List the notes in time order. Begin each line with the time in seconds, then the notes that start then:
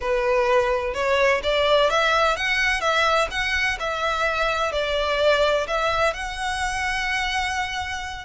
0.00 B4
0.93 C#5
1.43 D5
1.90 E5
2.36 F#5
2.80 E5
3.30 F#5
3.79 E5
4.72 D5
5.67 E5
6.13 F#5